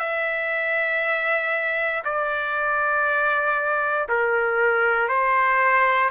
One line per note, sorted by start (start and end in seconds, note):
0.00 2.03 E5
2.05 4.08 D5
4.09 5.09 A#4
5.09 6.11 C5